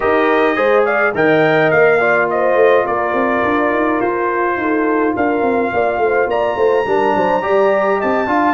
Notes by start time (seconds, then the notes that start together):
0.00 D#4 G4 A#4 D#5
0.55 G#3 G#4 C5
0.85 D5 F5
1.14 D#3 A#4 D#5 G5
1.70 A#3 F5
2.00 F4 D5
2.30 C5 D#5
2.55 A3
2.85 A#3 A#4 D5
3.13 C4
3.44 D4
3.70 D#4
4.00 F4 C5
4.57 D#4 A4
5.14 D4 A#4 F5
5.41 C4
5.73 A#3 D5
5.98 A3
6.04 C5
6.27 A#3 D5 A#5
6.56 A3 C5
6.86 G3 D4 A#4
7.16 F#3 C5
7.42 G3 G4 D5
7.97 C4 D#5 A5
8.26 D4 F4 F5